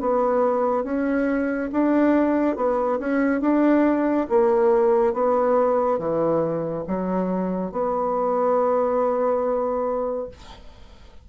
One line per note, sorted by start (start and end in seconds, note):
0.00 0.84 B3
0.84 1.69 C#4
1.72 2.56 D4
2.56 2.99 B3
2.99 3.41 C#4
3.41 4.27 D4
4.29 5.13 A#3
5.13 5.98 B3
5.98 6.84 E3
6.88 7.71 F#3
7.71 10.29 B3